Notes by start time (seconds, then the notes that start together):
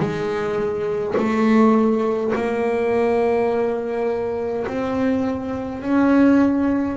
0.00 G#3
1.17 A3
2.35 A#3
4.67 C4
5.83 C#4